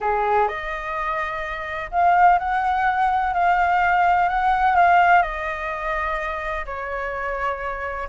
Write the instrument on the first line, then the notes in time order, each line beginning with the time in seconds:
flute
0.00 G#4
0.47 D#5
1.91 F5
2.39 F#5
3.33 F5
4.29 F#5
4.76 F5
5.22 D#5
6.65 C#5